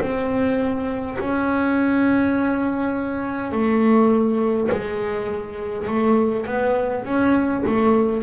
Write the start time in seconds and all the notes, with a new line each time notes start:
0.00 C4
1.19 C#4
3.52 A3
4.71 G#3
5.87 A3
6.46 B3
7.05 C#4
7.67 A3